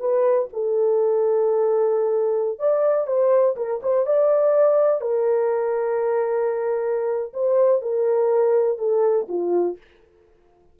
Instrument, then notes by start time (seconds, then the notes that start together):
horn
0.00 B4
0.53 A4
2.59 D5
3.07 C5
3.57 A#4
3.83 C5
4.06 D5
5.01 A#4
7.33 C5
7.82 A#4
8.78 A4
9.29 F4